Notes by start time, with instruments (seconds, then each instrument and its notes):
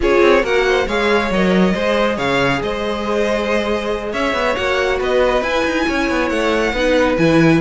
0.00 cello C#4, viola F4, violin G#4 C#5
0.21 cello C4
0.43 cello A#3, viola F#4, violin A#4 F#5
0.68 violin C5
0.86 cello G#3, viola G#4, violin C#5 F5
1.30 cello F#3, viola A#4, violin D#5
1.73 cello G#3, viola G#4, violin C5
2.16 cello C#3, violin C#5 F5
2.62 cello G#3, violin C5 D#5
4.12 cello C#4, violin C#5 E5
4.33 cello B3
4.55 cello A#3, viola F#4, violin F#5
4.98 cello B3, violin B4 D#5
5.42 cello E4, viola E4, violin G#5
5.65 cello D#4
5.87 cello C#4, violin C#5
6.10 cello B3
6.29 cello A3, violin F#5
6.72 cello B3, viola D#4, violin B4
7.17 cello E3, viola E4, violin G#5